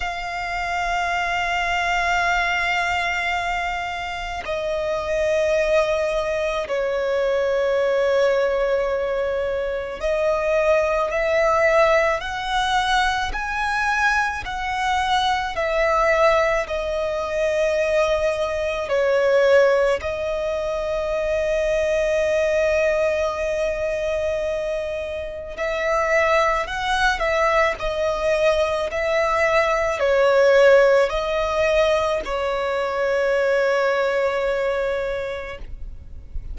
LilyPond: \new Staff \with { instrumentName = "violin" } { \time 4/4 \tempo 4 = 54 f''1 | dis''2 cis''2~ | cis''4 dis''4 e''4 fis''4 | gis''4 fis''4 e''4 dis''4~ |
dis''4 cis''4 dis''2~ | dis''2. e''4 | fis''8 e''8 dis''4 e''4 cis''4 | dis''4 cis''2. | }